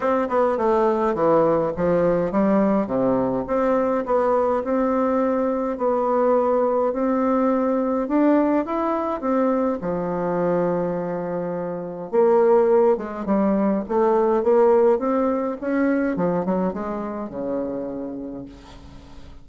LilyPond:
\new Staff \with { instrumentName = "bassoon" } { \time 4/4 \tempo 4 = 104 c'8 b8 a4 e4 f4 | g4 c4 c'4 b4 | c'2 b2 | c'2 d'4 e'4 |
c'4 f2.~ | f4 ais4. gis8 g4 | a4 ais4 c'4 cis'4 | f8 fis8 gis4 cis2 | }